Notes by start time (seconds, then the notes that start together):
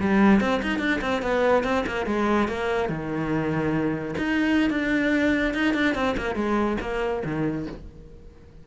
0.00 G3
0.40 C4
0.62 D#4
0.79 D4
1.01 C4
1.22 B3
1.64 C4
1.86 A#3
2.06 G#3
2.48 A#3
2.89 D#3
4.17 D#4
4.70 D4
5.54 D#4
5.74 D4
5.95 C4
6.17 A#3
6.35 G#3
6.81 A#3
7.25 D#3